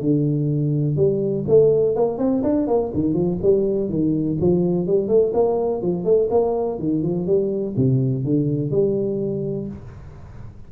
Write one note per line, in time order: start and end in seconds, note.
0.00 0.96 D3
0.96 1.44 G3
1.48 1.95 A3
1.95 2.18 A#3
2.18 2.42 C4
2.43 2.67 D4
2.67 2.91 A#3
2.94 3.13 D#3
3.13 3.37 F3
3.42 3.89 G3
3.89 4.37 D#3
4.40 4.87 F3
4.87 5.08 G3
5.08 5.32 A3
5.33 5.81 A#3
5.81 6.04 F3
6.04 6.28 A3
6.30 6.78 A#3
6.78 7.02 D#3
7.02 7.26 F3
7.26 7.75 G3
7.76 8.24 C3
8.24 8.71 D3
8.71 9.67 G3